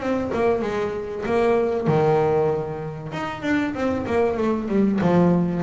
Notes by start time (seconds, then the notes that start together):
0.00 C4
0.34 A#3
0.62 G#3
1.26 A#3
1.88 D#3
3.12 D#4
3.43 D4
3.74 C4
4.07 A#3
4.38 A3
4.68 G3
5.01 F3